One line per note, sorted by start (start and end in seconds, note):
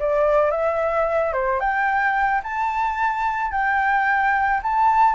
0.00 0.52 D5
0.52 1.33 E5
1.33 1.60 C5
1.60 2.42 G5
2.43 3.52 A5
3.52 4.61 G5
4.63 5.15 A5